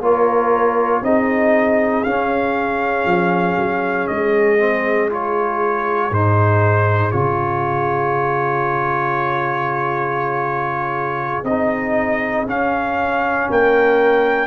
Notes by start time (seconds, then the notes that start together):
0.00 A#3 F4 A#4 C#5
1.02 C4 D#4 G#4 D#5
2.04 C#4 F5
3.06 F3
3.58 F#3
4.08 G#3 D#5
4.59 C4
5.10 F4 C#5
6.11 G#2 D#4 C5
7.12 C#3 F4 C#5
11.44 C4 D#4 D#5
12.47 C#4 F5
13.50 A#3 A#4 G5